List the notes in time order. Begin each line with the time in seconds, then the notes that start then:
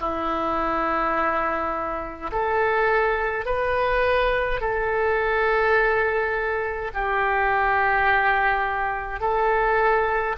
0.00 E4
2.31 A4
3.45 B4
4.60 A4
6.93 G4
9.20 A4